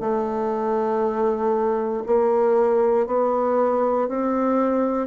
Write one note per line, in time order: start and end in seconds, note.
0.00 2.03 A3
2.06 3.06 A#3
3.06 4.08 B3
4.08 5.07 C4